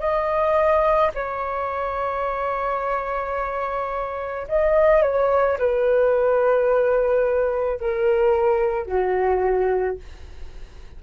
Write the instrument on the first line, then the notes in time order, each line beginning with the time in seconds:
flute
0.00 D#5
1.14 C#5
4.48 D#5
5.02 C#5
5.59 B4
7.80 A#4
8.86 F#4